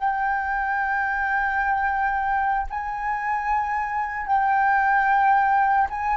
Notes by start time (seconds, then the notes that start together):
0.00 G5
2.71 G#5
4.28 G5
5.91 G#5